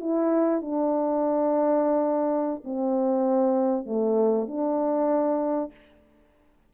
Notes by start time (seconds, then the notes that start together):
0.00 E4
0.61 D4
2.64 C4
3.85 A3
4.47 D4